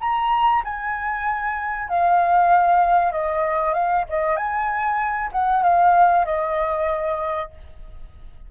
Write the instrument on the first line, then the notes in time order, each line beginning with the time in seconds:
flute
0.00 A#5
0.64 G#5
1.89 F5
3.12 D#5
3.74 F5
4.09 D#5
4.36 G#5
5.32 F#5
5.62 F5
6.25 D#5